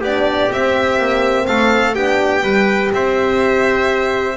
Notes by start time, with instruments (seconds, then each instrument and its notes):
0.00 double bass B3, horn D4, trumpet G4, violin D5
0.50 horn C4, double bass C4, violin E5
0.98 double bass A#3
1.46 double bass A3, trumpet A4, violin F5
1.94 double bass B3, horn D4, trumpet G4, violin G5
2.41 double bass G3, horn G4, trumpet B4
2.93 double bass C4, trumpet C5, violin E5